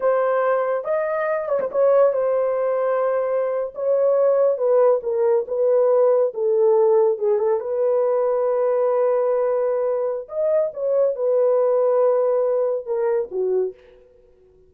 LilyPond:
\new Staff \with { instrumentName = "horn" } { \time 4/4 \tempo 4 = 140 c''2 dis''4. cis''16 c''16 | cis''4 c''2.~ | c''8. cis''2 b'4 ais'16~ | ais'8. b'2 a'4~ a'16~ |
a'8. gis'8 a'8 b'2~ b'16~ | b'1 | dis''4 cis''4 b'2~ | b'2 ais'4 fis'4 | }